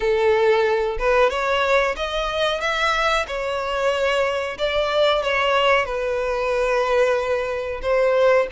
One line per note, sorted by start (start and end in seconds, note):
0.00 0.97 A4
0.98 1.30 B4
1.30 1.95 C#5
1.96 2.60 D#5
2.60 3.25 E5
3.27 4.57 C#5
4.57 5.22 D5
5.22 5.85 C#5
5.85 7.80 B4
7.81 8.47 C5